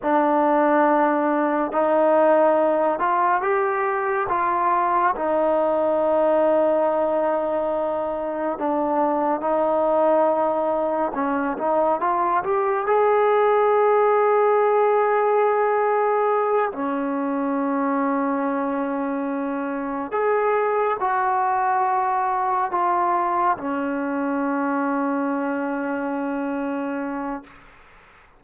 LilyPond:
\new Staff \with { instrumentName = "trombone" } { \time 4/4 \tempo 4 = 70 d'2 dis'4. f'8 | g'4 f'4 dis'2~ | dis'2 d'4 dis'4~ | dis'4 cis'8 dis'8 f'8 g'8 gis'4~ |
gis'2.~ gis'8 cis'8~ | cis'2.~ cis'8 gis'8~ | gis'8 fis'2 f'4 cis'8~ | cis'1 | }